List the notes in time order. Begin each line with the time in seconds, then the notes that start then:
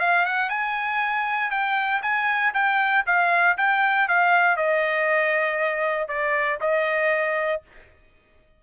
0.00 F5
0.25 F#5
0.49 G#5
1.51 G5
2.02 G#5
2.54 G5
3.06 F5
3.58 G5
4.08 F5
4.57 D#5
6.08 D5
6.61 D#5